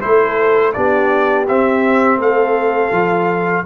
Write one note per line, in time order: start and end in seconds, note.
0.00 0.76 A3
0.00 0.73 E4
0.00 0.75 A4
0.00 0.72 C5
0.73 1.48 B3
0.73 1.46 D4
0.73 2.19 G4
0.73 1.45 D5
1.47 2.92 C4
1.47 2.17 C4
1.47 2.20 E5
2.17 2.89 A3
2.17 3.63 A4
2.17 3.66 F5
2.91 3.64 F3
2.91 3.64 F4